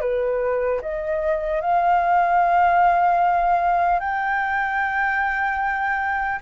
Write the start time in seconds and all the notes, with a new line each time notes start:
0.00 B4
0.81 D#5
1.61 F5
3.99 G5